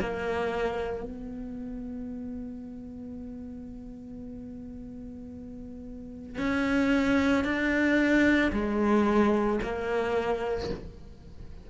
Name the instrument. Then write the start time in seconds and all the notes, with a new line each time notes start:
cello
0.00 A#3
1.03 B3
6.37 C#4
7.44 D4
8.52 G#3
9.62 A#3